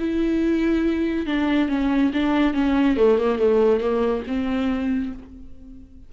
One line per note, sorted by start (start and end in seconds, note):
0.00 1.27 E4
1.27 1.69 D4
1.69 2.12 C#4
2.14 2.54 D4
2.54 2.97 C#4
2.98 3.19 A3
3.19 3.39 A#3
3.39 3.81 A3
3.81 4.24 A#3
4.27 5.13 C4